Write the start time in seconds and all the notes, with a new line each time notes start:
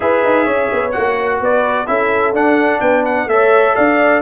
0.00 E4 G#4 B4 E5
0.24 D#4
0.44 C#4 C#5
0.72 B3
0.91 A#3 F#4 F#5
1.40 B3 B4 D5
1.86 C#4 E4 A4 E5
2.32 D4 F#5
2.80 B3 B4 G5
3.05 F#5
3.27 A3 A4 C#5 E5
3.75 D4 D5 F5